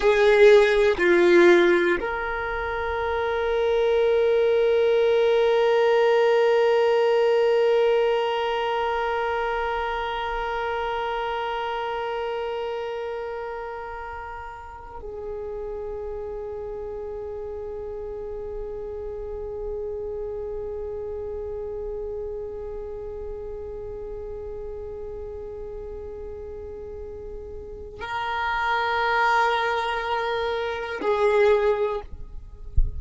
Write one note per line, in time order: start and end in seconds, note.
0.00 0.97 G#4
0.97 1.97 F4
2.00 15.00 A#4
15.01 28.00 G#4
28.00 31.00 A#4
31.00 32.00 G#4